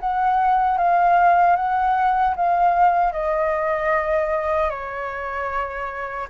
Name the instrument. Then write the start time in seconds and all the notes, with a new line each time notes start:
flute
0.00 F#5
0.78 F5
1.56 F#5
2.36 F5
3.13 D#5
4.70 C#5